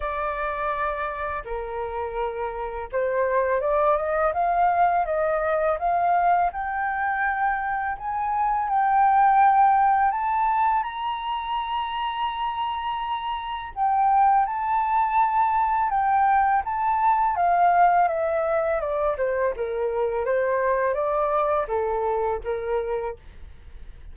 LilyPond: \new Staff \with { instrumentName = "flute" } { \time 4/4 \tempo 4 = 83 d''2 ais'2 | c''4 d''8 dis''8 f''4 dis''4 | f''4 g''2 gis''4 | g''2 a''4 ais''4~ |
ais''2. g''4 | a''2 g''4 a''4 | f''4 e''4 d''8 c''8 ais'4 | c''4 d''4 a'4 ais'4 | }